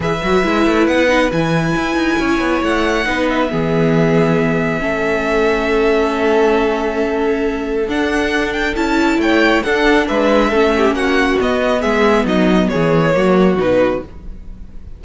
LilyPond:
<<
  \new Staff \with { instrumentName = "violin" } { \time 4/4 \tempo 4 = 137 e''2 fis''4 gis''4~ | gis''2 fis''4. e''8~ | e''1~ | e''1~ |
e''2 fis''4. g''8 | a''4 g''4 fis''4 e''4~ | e''4 fis''4 dis''4 e''4 | dis''4 cis''2 b'4 | }
  \new Staff \with { instrumentName = "violin" } { \time 4/4 b'1~ | b'4 cis''2 b'4 | gis'2. a'4~ | a'1~ |
a'1~ | a'4 cis''4 a'4 b'4 | a'8 g'8 fis'2 gis'4 | dis'4 gis'4 fis'2 | }
  \new Staff \with { instrumentName = "viola" } { \time 4/4 gis'8 fis'8 e'4. dis'8 e'4~ | e'2. dis'4 | b2. cis'4~ | cis'1~ |
cis'2 d'2 | e'2 d'2 | cis'2 b2~ | b2 ais4 dis'4 | }
  \new Staff \with { instrumentName = "cello" } { \time 4/4 e8 fis8 gis8 a8 b4 e4 | e'8 dis'8 cis'8 b8 a4 b4 | e2. a4~ | a1~ |
a2 d'2 | cis'4 a4 d'4 gis4 | a4 ais4 b4 gis4 | fis4 e4 fis4 b,4 | }
>>